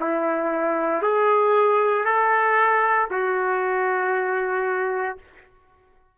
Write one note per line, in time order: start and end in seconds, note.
0.00 1.03 E4
1.03 2.05 G#4
2.05 3.08 A4
3.11 5.18 F#4